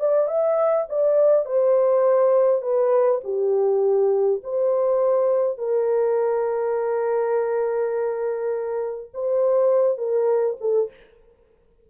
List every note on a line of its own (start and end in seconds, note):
0.00 0.28 D5
0.28 0.86 E5
0.89 1.46 D5
1.46 2.62 C5
2.62 3.21 B4
3.24 4.41 G4
4.44 5.58 C5
5.58 9.11 A#4
9.14 9.98 C5
9.98 10.57 A#4
10.61 10.90 A4